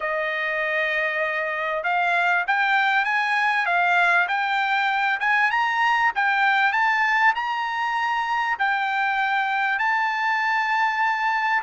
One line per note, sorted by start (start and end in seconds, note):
0.00 1.83 D#5
1.83 2.44 F5
2.47 3.04 G5
3.04 3.66 G#5
3.66 4.27 F5
4.27 5.19 G5
5.20 5.50 G#5
5.50 6.11 A#5
6.15 6.72 G5
6.72 7.33 A5
7.35 8.57 A#5
8.59 9.78 G5
9.78 11.62 A5